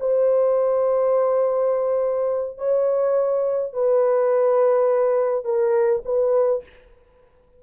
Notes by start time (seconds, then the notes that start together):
0.00 C5
2.58 C#5
3.73 B4
5.45 A#4
6.06 B4